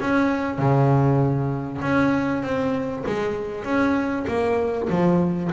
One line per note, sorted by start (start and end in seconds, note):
0.00 0.58 C#4
0.58 1.81 C#3
1.81 2.43 C#4
2.43 3.04 C4
3.06 3.64 G#3
3.64 4.25 C#4
4.27 4.88 A#3
4.89 5.50 F3